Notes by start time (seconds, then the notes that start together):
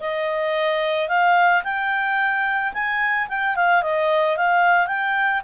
0.00 D#5
1.09 F5
1.64 G5
2.73 G#5
3.29 G5
3.56 F5
3.82 D#5
4.37 F5
4.87 G5